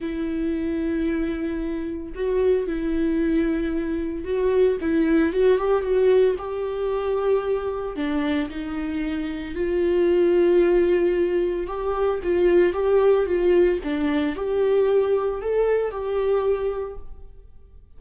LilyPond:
\new Staff \with { instrumentName = "viola" } { \time 4/4 \tempo 4 = 113 e'1 | fis'4 e'2. | fis'4 e'4 fis'8 g'8 fis'4 | g'2. d'4 |
dis'2 f'2~ | f'2 g'4 f'4 | g'4 f'4 d'4 g'4~ | g'4 a'4 g'2 | }